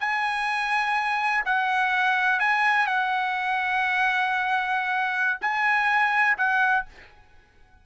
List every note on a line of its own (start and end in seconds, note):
0.00 1.44 G#5
1.45 2.39 F#5
2.39 2.86 G#5
2.86 5.38 F#5
5.41 6.37 G#5
6.38 6.86 F#5